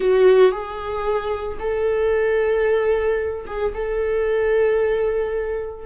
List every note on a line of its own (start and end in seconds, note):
0.00 0.51 F#4
0.51 1.57 G#4
1.59 3.45 A4
3.46 3.73 G#4
3.73 5.86 A4